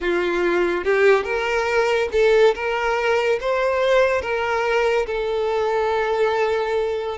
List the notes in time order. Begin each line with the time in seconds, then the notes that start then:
0.00 F4
0.84 G4
1.24 A#4
2.12 A4
2.54 A#4
3.40 C5
4.21 A#4
5.06 A4